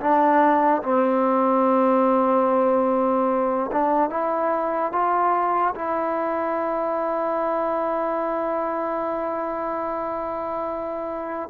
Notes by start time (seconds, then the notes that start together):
0.00 D4
0.83 C4
3.72 D4
4.09 E4
4.92 F4
5.75 E4